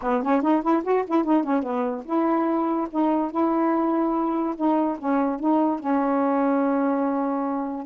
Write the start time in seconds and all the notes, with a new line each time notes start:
0.02 B3
0.23 C#4
0.42 D#4
0.62 E4
0.83 F#4
1.07 E4
1.24 D#4
1.43 C#4
1.62 B3
2.05 E4
2.90 D#4
3.31 E4
4.56 D#4
4.98 C#4
5.39 D#4
5.79 C#4